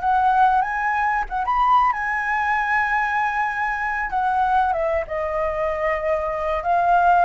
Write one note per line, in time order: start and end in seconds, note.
0.00 0.61 F#5
0.61 1.24 G#5
1.29 1.45 F#5
1.45 1.92 B5
1.92 4.10 G#5
4.10 4.73 F#5
4.73 5.04 E5
5.07 6.63 D#5
6.63 7.25 F5